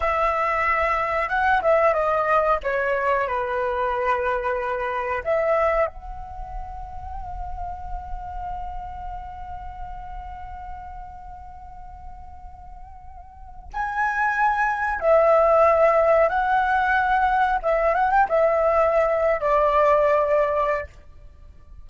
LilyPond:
\new Staff \with { instrumentName = "flute" } { \time 4/4 \tempo 4 = 92 e''2 fis''8 e''8 dis''4 | cis''4 b'2. | e''4 fis''2.~ | fis''1~ |
fis''1~ | fis''4 gis''2 e''4~ | e''4 fis''2 e''8 fis''16 g''16 | e''4.~ e''16 d''2~ d''16 | }